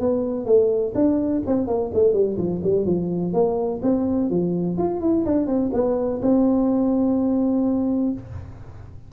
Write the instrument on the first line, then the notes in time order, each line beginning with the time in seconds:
tuba
0.00 B3
0.45 A3
0.95 D4
1.46 C4
1.67 A#3
1.94 A3
2.13 G3
2.37 F3
2.64 G3
2.85 F3
3.33 A#3
3.82 C4
4.30 F3
4.78 F4
5.01 E4
5.26 D4
5.47 C4
5.73 B3
6.22 C4